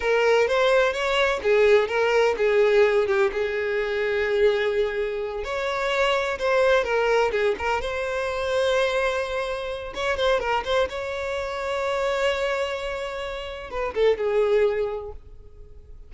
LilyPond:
\new Staff \with { instrumentName = "violin" } { \time 4/4 \tempo 4 = 127 ais'4 c''4 cis''4 gis'4 | ais'4 gis'4. g'8 gis'4~ | gis'2.~ gis'8 cis''8~ | cis''4. c''4 ais'4 gis'8 |
ais'8 c''2.~ c''8~ | c''4 cis''8 c''8 ais'8 c''8 cis''4~ | cis''1~ | cis''4 b'8 a'8 gis'2 | }